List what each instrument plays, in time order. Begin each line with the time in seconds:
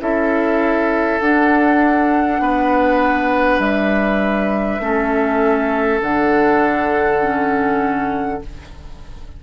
0.00 bassoon C#4, clarinet E4, oboe A4, flute E5
1.20 bassoon D4, clarinet D4, flute F#5
2.39 bassoon B3, oboe B4
3.58 bassoon G3, flute E5
4.79 bassoon A3, clarinet C#4, oboe A4
6.01 bassoon D3, clarinet D4, flute F#5
7.21 clarinet C#4